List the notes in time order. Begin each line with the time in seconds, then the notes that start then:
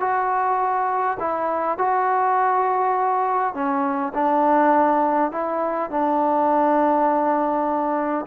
0.00 F#4
1.20 E4
1.78 F#4
3.54 C#4
4.14 D4
5.31 E4
5.90 D4